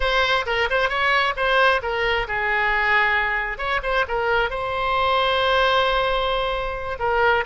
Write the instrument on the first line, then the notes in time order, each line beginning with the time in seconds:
oboe
0.00 C5
0.46 A#4
0.70 C5
0.89 C#5
1.36 C5
1.82 A#4
2.27 G#4
3.58 C#5
3.82 C5
4.07 A#4
4.50 C5
6.99 A#4